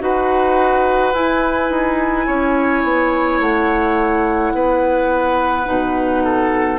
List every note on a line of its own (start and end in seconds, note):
0.00 1.14 D#4
0.00 1.13 F#4
0.00 2.27 B4
0.00 1.14 F#5
1.14 1.70 E4
1.14 5.66 E4
1.14 3.40 G#5
1.70 2.27 D#4
2.27 2.84 C#4
2.27 4.53 C#5
2.84 3.40 B3
3.40 4.53 A3
3.40 6.79 F#5
4.54 5.67 B3
4.54 6.24 B4
5.66 6.79 B2
5.66 6.79 D#4
6.24 6.79 A4